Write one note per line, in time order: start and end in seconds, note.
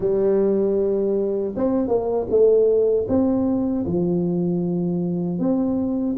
0.00 1.54 G3
1.56 1.88 C4
1.88 2.26 A#3
2.29 3.06 A3
3.08 3.85 C4
3.86 5.39 F3
5.39 6.16 C4